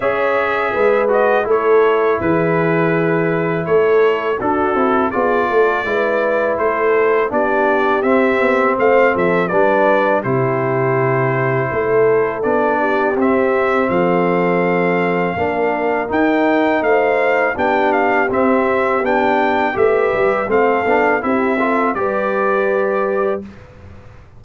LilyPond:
<<
  \new Staff \with { instrumentName = "trumpet" } { \time 4/4 \tempo 4 = 82 e''4. dis''8 cis''4 b'4~ | b'4 cis''4 a'4 d''4~ | d''4 c''4 d''4 e''4 | f''8 e''8 d''4 c''2~ |
c''4 d''4 e''4 f''4~ | f''2 g''4 f''4 | g''8 f''8 e''4 g''4 e''4 | f''4 e''4 d''2 | }
  \new Staff \with { instrumentName = "horn" } { \time 4/4 cis''4 b'4 a'4 gis'4~ | gis'4 a'4 fis'4 gis'8 a'8 | b'4 a'4 g'2 | c''8 a'8 b'4 g'2 |
a'4. g'4. a'4~ | a'4 ais'2 c''4 | g'2. b'4 | a'4 g'8 a'8 b'2 | }
  \new Staff \with { instrumentName = "trombone" } { \time 4/4 gis'4. fis'8 e'2~ | e'2 d'8 e'8 f'4 | e'2 d'4 c'4~ | c'4 d'4 e'2~ |
e'4 d'4 c'2~ | c'4 d'4 dis'2 | d'4 c'4 d'4 g'4 | c'8 d'8 e'8 f'8 g'2 | }
  \new Staff \with { instrumentName = "tuba" } { \time 4/4 cis'4 gis4 a4 e4~ | e4 a4 d'8 c'8 b8 a8 | gis4 a4 b4 c'8 b8 | a8 f8 g4 c2 |
a4 b4 c'4 f4~ | f4 ais4 dis'4 a4 | b4 c'4 b4 a8 g8 | a8 b8 c'4 g2 | }
>>